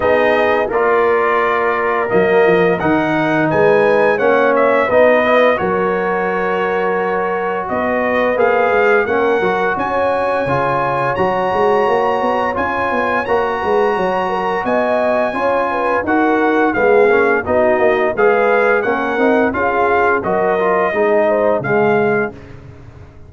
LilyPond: <<
  \new Staff \with { instrumentName = "trumpet" } { \time 4/4 \tempo 4 = 86 dis''4 d''2 dis''4 | fis''4 gis''4 fis''8 e''8 dis''4 | cis''2. dis''4 | f''4 fis''4 gis''2 |
ais''2 gis''4 ais''4~ | ais''4 gis''2 fis''4 | f''4 dis''4 f''4 fis''4 | f''4 dis''2 f''4 | }
  \new Staff \with { instrumentName = "horn" } { \time 4/4 gis'4 ais'2.~ | ais'4 b'4 cis''4 b'4 | ais'2. b'4~ | b'4 ais'4 cis''2~ |
cis''2.~ cis''8 b'8 | cis''8 ais'8 dis''4 cis''8 b'8 ais'4 | gis'4 fis'4 b'4 ais'4 | gis'4 ais'4 gis'8 c''8 gis'4 | }
  \new Staff \with { instrumentName = "trombone" } { \time 4/4 dis'4 f'2 ais4 | dis'2 cis'4 dis'8 e'8 | fis'1 | gis'4 cis'8 fis'4. f'4 |
fis'2 f'4 fis'4~ | fis'2 f'4 fis'4 | b8 cis'8 dis'4 gis'4 cis'8 dis'8 | f'4 fis'8 f'8 dis'4 gis4 | }
  \new Staff \with { instrumentName = "tuba" } { \time 4/4 b4 ais2 fis8 f8 | dis4 gis4 ais4 b4 | fis2. b4 | ais8 gis8 ais8 fis8 cis'4 cis4 |
fis8 gis8 ais8 b8 cis'8 b8 ais8 gis8 | fis4 b4 cis'4 dis'4 | gis8 ais8 b8 ais8 gis4 ais8 c'8 | cis'4 fis4 gis4 cis4 | }
>>